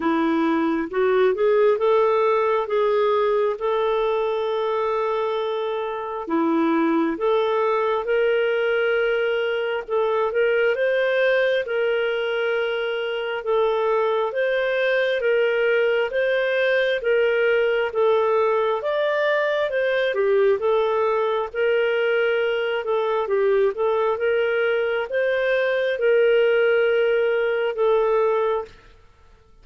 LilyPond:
\new Staff \with { instrumentName = "clarinet" } { \time 4/4 \tempo 4 = 67 e'4 fis'8 gis'8 a'4 gis'4 | a'2. e'4 | a'4 ais'2 a'8 ais'8 | c''4 ais'2 a'4 |
c''4 ais'4 c''4 ais'4 | a'4 d''4 c''8 g'8 a'4 | ais'4. a'8 g'8 a'8 ais'4 | c''4 ais'2 a'4 | }